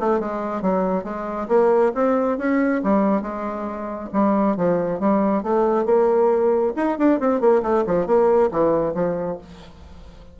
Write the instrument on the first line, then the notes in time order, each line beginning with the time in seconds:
bassoon
0.00 A3
0.20 G#3
0.62 F#3
1.04 G#3
1.49 A#3
1.95 C4
2.38 C#4
2.84 G3
3.22 G#3
4.13 G3
4.57 F3
5.00 G3
5.43 A3
5.86 A#3
6.76 D#4
6.99 D4
7.20 C4
7.41 A#3
7.63 A3
7.87 F3
8.07 A#3
8.52 E3
8.95 F3